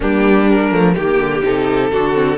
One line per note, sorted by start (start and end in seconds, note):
0.00 0.71 G3
0.00 0.47 A#3
0.00 0.94 D4
0.00 0.49 G4
0.49 0.70 G3
0.49 0.94 A#4
0.70 0.95 F3
0.70 0.94 A3
0.94 1.19 D#3
0.94 1.43 A#3
0.94 1.42 G4
0.94 1.91 G4
1.19 1.42 D3
1.43 1.91 C3
1.43 1.91 D#4
1.43 2.37 A4
1.91 2.37 D3
1.91 2.13 D4
1.91 2.37 F#4
2.13 2.37 C4